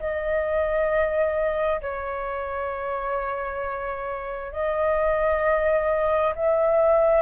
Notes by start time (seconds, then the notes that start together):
0.00 D#5
1.82 C#5
4.52 D#5
6.36 E5